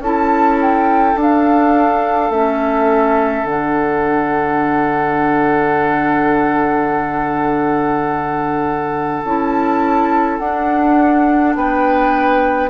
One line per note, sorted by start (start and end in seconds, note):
0.00 1.15 C#4
0.00 1.16 E4
0.00 11.57 A4
0.00 0.60 A5
0.62 1.19 G5
1.16 2.30 D4
1.16 2.31 D4
1.22 2.31 F5
2.30 3.44 A3
2.30 3.47 C#4
2.30 3.46 E5
3.44 9.21 D3
3.44 9.24 D4
3.44 9.23 F#5
9.25 10.40 C#4
9.25 10.41 E4
9.25 10.39 A5
10.39 11.56 D4
10.39 12.70 D4
10.39 11.54 F#5
11.56 12.70 B3
11.56 12.70 B4
11.56 12.70 G5